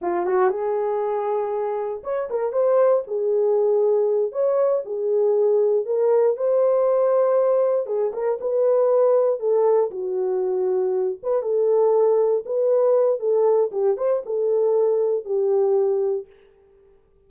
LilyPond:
\new Staff \with { instrumentName = "horn" } { \time 4/4 \tempo 4 = 118 f'8 fis'8 gis'2. | cis''8 ais'8 c''4 gis'2~ | gis'8 cis''4 gis'2 ais'8~ | ais'8 c''2. gis'8 |
ais'8 b'2 a'4 fis'8~ | fis'2 b'8 a'4.~ | a'8 b'4. a'4 g'8 c''8 | a'2 g'2 | }